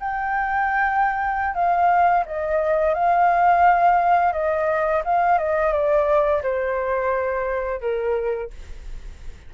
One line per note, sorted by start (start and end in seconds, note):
0.00 1.55 G5
1.55 2.25 F5
2.26 2.94 D#5
2.94 4.33 F5
4.33 5.03 D#5
5.05 5.38 F5
5.38 5.73 D#5
5.73 6.42 D5
6.43 7.81 C5
7.81 8.51 A#4